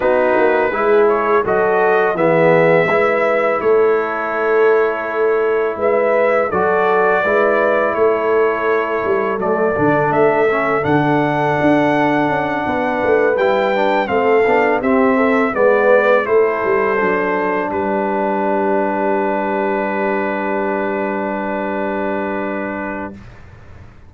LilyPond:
<<
  \new Staff \with { instrumentName = "trumpet" } { \time 4/4 \tempo 4 = 83 b'4. cis''8 dis''4 e''4~ | e''4 cis''2. | e''4 d''2 cis''4~ | cis''4 d''4 e''4 fis''4~ |
fis''2~ fis''8 g''4 f''8~ | f''8 e''4 d''4 c''4.~ | c''8 b'2.~ b'8~ | b'1 | }
  \new Staff \with { instrumentName = "horn" } { \time 4/4 fis'4 gis'4 a'4 gis'4 | b'4 a'2. | b'4 a'4 b'4 a'4~ | a'1~ |
a'4. b'2 a'8~ | a'8 g'8 a'8 b'4 a'4.~ | a'8 g'2.~ g'8~ | g'1 | }
  \new Staff \with { instrumentName = "trombone" } { \time 4/4 dis'4 e'4 fis'4 b4 | e'1~ | e'4 fis'4 e'2~ | e'4 a8 d'4 cis'8 d'4~ |
d'2~ d'8 e'8 d'8 c'8 | d'8 c'4 b4 e'4 d'8~ | d'1~ | d'1 | }
  \new Staff \with { instrumentName = "tuba" } { \time 4/4 b8 ais8 gis4 fis4 e4 | gis4 a2. | gis4 fis4 gis4 a4~ | a8 g8 fis8 d8 a4 d4 |
d'4 cis'8 b8 a8 g4 a8 | b8 c'4 gis4 a8 g8 fis8~ | fis8 g2.~ g8~ | g1 | }
>>